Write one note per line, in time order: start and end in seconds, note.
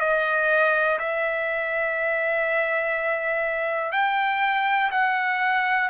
0.00 0.98 D#5
0.99 3.92 E5
3.92 4.90 G5
4.91 5.89 F#5